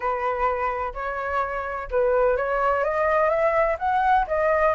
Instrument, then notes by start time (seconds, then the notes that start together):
flute
0.00 B4
0.94 C#5
1.90 B4
2.36 C#5
2.83 D#5
3.29 E5
3.79 F#5
4.27 D#5